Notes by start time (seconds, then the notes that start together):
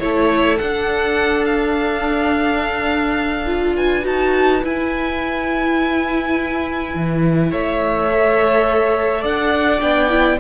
0.00 A3 E4 A4 C#5
0.58 D4 F#5
1.45 F5
3.46 F4
3.76 B4 G#5
4.02 D#4 F#4 A5
4.63 E4 G#5
6.95 E3
7.51 A3 C#5 E5
8.11 A4
9.21 D4 D5 F#5
9.80 B3 D4 G5
10.09 E4